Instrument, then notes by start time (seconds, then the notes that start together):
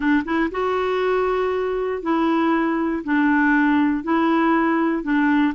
clarinet
0.00 D4
0.25 E4
0.51 F#4
2.02 E4
3.03 D4
4.03 E4
5.03 D4